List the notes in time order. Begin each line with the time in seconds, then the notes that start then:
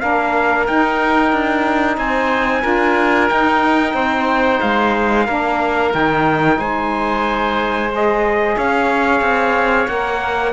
0.00 A#3 D4 A#4 F5
0.67 D#4 G5
1.33 D4
1.97 C4 C5 G#5
2.62 D4 F4 A#4
3.28 D#4 G5
3.94 C4 C5
4.61 G#3 F5
5.26 A#3 D4 A#4
5.91 D#3 D#4 G5
6.58 G#3 C5 G#5
7.93 G#4 D#5
8.56 C#4 C#5 F5
9.21 C4
9.88 A#3 A#4 F#5